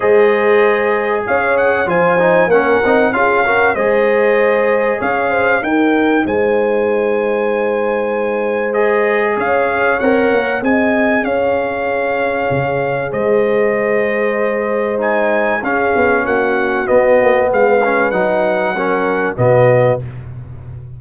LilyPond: <<
  \new Staff \with { instrumentName = "trumpet" } { \time 4/4 \tempo 4 = 96 dis''2 f''8 fis''8 gis''4 | fis''4 f''4 dis''2 | f''4 g''4 gis''2~ | gis''2 dis''4 f''4 |
fis''4 gis''4 f''2~ | f''4 dis''2. | gis''4 f''4 fis''4 dis''4 | f''4 fis''2 dis''4 | }
  \new Staff \with { instrumentName = "horn" } { \time 4/4 c''2 cis''4 c''4 | ais'4 gis'8 ais'8 c''2 | cis''8 c''8 ais'4 c''2~ | c''2. cis''4~ |
cis''4 dis''4 cis''2~ | cis''4 c''2.~ | c''4 gis'4 fis'2 | b'2 ais'4 fis'4 | }
  \new Staff \with { instrumentName = "trombone" } { \time 4/4 gis'2. f'8 dis'8 | cis'8 dis'8 f'8 fis'8 gis'2~ | gis'4 dis'2.~ | dis'2 gis'2 |
ais'4 gis'2.~ | gis'1 | dis'4 cis'2 b4~ | b8 cis'8 dis'4 cis'4 b4 | }
  \new Staff \with { instrumentName = "tuba" } { \time 4/4 gis2 cis'4 f4 | ais8 c'8 cis'4 gis2 | cis'4 dis'4 gis2~ | gis2. cis'4 |
c'8 ais8 c'4 cis'2 | cis4 gis2.~ | gis4 cis'8 b8 ais4 b8 ais8 | gis4 fis2 b,4 | }
>>